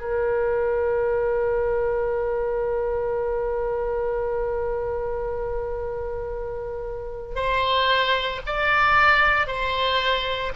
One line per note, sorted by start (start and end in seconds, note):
0.00 7.35 A#4
7.35 8.40 C5
8.46 9.46 D5
9.46 10.52 C5